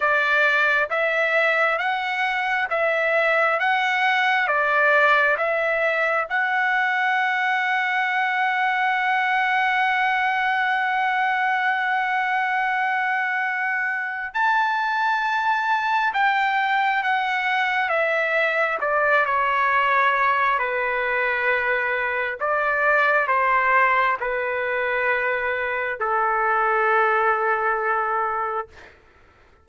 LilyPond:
\new Staff \with { instrumentName = "trumpet" } { \time 4/4 \tempo 4 = 67 d''4 e''4 fis''4 e''4 | fis''4 d''4 e''4 fis''4~ | fis''1~ | fis''1 |
a''2 g''4 fis''4 | e''4 d''8 cis''4. b'4~ | b'4 d''4 c''4 b'4~ | b'4 a'2. | }